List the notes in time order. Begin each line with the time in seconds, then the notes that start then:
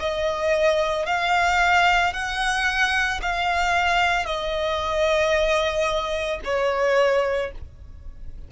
0.00 D#5
1.07 F5
2.14 F#5
3.22 F5
4.26 D#5
6.45 C#5